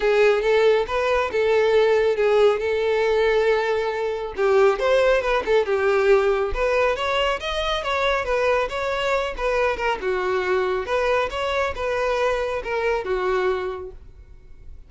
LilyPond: \new Staff \with { instrumentName = "violin" } { \time 4/4 \tempo 4 = 138 gis'4 a'4 b'4 a'4~ | a'4 gis'4 a'2~ | a'2 g'4 c''4 | b'8 a'8 g'2 b'4 |
cis''4 dis''4 cis''4 b'4 | cis''4. b'4 ais'8 fis'4~ | fis'4 b'4 cis''4 b'4~ | b'4 ais'4 fis'2 | }